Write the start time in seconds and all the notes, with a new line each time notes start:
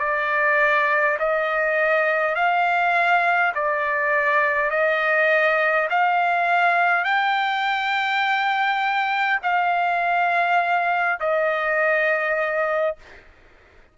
0.00 D5
1.19 D#5
2.35 F5
3.55 D5
4.71 D#5
5.90 F5
7.04 G5
9.43 F5
11.20 D#5